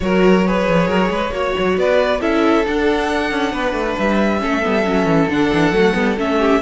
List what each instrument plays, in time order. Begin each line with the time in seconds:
0.00 cello F#3, viola F#4, violin A#4 C#5
0.47 viola G#4, violin B4
0.67 cello F3
0.87 cello F#3, violin A#4
1.10 cello G#3, violin B4
1.30 cello A#3, viola F#4, violin C#5
1.58 cello F#3
1.77 cello B3, violin B4 D5
2.20 cello C#4, viola E4, violin A4 E5
2.64 viola D4, cello D4, violin F#5
3.31 cello C#4
3.51 cello B3, violin B4
3.72 cello A3
3.98 cello G3, violin E5
4.39 cello A3, viola C#4, violin A4
4.61 cello G3, viola B3
4.84 cello F#3, viola C#4
5.05 cello E3
5.29 cello D3, viola D4, violin F#5
5.53 cello E3
5.71 cello F#3, viola A3
5.93 cello G3, viola B3
6.17 cello A3, viola C#4, violin E5
6.38 violin G4